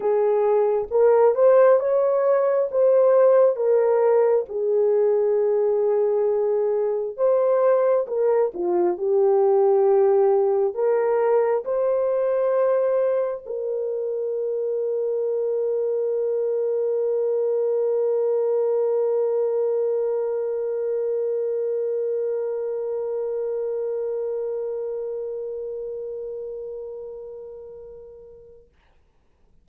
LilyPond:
\new Staff \with { instrumentName = "horn" } { \time 4/4 \tempo 4 = 67 gis'4 ais'8 c''8 cis''4 c''4 | ais'4 gis'2. | c''4 ais'8 f'8 g'2 | ais'4 c''2 ais'4~ |
ais'1~ | ais'1~ | ais'1~ | ais'1 | }